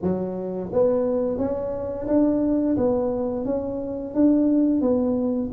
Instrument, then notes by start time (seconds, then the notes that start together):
tuba
0.02 F#3
0.72 B3
1.38 C#4
2.07 D4
2.76 B3
3.45 C#4
4.14 D4
4.81 B3